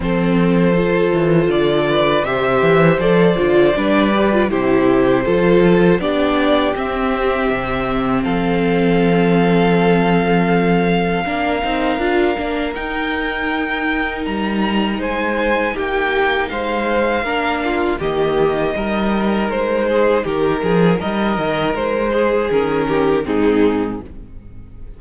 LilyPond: <<
  \new Staff \with { instrumentName = "violin" } { \time 4/4 \tempo 4 = 80 c''2 d''4 e''4 | d''2 c''2 | d''4 e''2 f''4~ | f''1~ |
f''4 g''2 ais''4 | gis''4 g''4 f''2 | dis''2 c''4 ais'4 | dis''4 c''4 ais'4 gis'4 | }
  \new Staff \with { instrumentName = "violin" } { \time 4/4 a'2~ a'8 b'8 c''4~ | c''4 b'4 g'4 a'4 | g'2. a'4~ | a'2. ais'4~ |
ais'1 | c''4 g'4 c''4 ais'8 f'8 | g'4 ais'4. gis'8 g'8 gis'8 | ais'4. gis'4 g'8 dis'4 | }
  \new Staff \with { instrumentName = "viola" } { \time 4/4 c'4 f'2 g'4 | a'8 f'8 d'8 g'16 f'16 e'4 f'4 | d'4 c'2.~ | c'2. d'8 dis'8 |
f'8 d'8 dis'2.~ | dis'2. d'4 | ais4 dis'2.~ | dis'2 cis'4 c'4 | }
  \new Staff \with { instrumentName = "cello" } { \time 4/4 f4. e8 d4 c8 e8 | f8 d8 g4 c4 f4 | b4 c'4 c4 f4~ | f2. ais8 c'8 |
d'8 ais8 dis'2 g4 | gis4 ais4 gis4 ais4 | dis4 g4 gis4 dis8 f8 | g8 dis8 gis4 dis4 gis,4 | }
>>